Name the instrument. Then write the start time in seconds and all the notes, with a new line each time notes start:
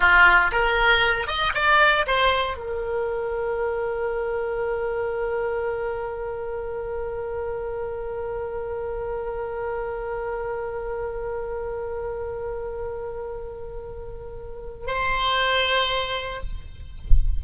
oboe
0.00 F4
0.51 A#4
1.27 D#5
1.54 D5
2.06 C5
2.57 A#4
14.86 C5